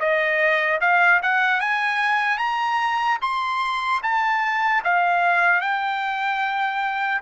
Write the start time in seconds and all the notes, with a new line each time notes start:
0.00 D#5
0.81 F5
1.23 F#5
1.61 G#5
2.39 A#5
3.22 C6
4.03 A5
4.84 F5
5.61 G5